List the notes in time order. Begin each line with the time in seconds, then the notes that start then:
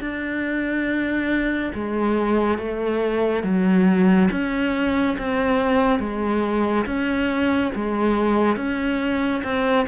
0.00 D4
1.74 G#3
2.58 A3
3.43 F#3
4.31 C#4
5.18 C4
6.00 G#3
6.86 C#4
7.75 G#3
8.56 C#4
9.43 C4